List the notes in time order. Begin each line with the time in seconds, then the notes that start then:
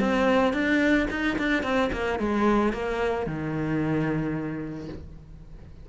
0.00 C4
0.53 D4
1.10 D#4
1.38 D4
1.63 C4
1.92 A#3
2.19 G#3
2.72 A#3
3.26 D#3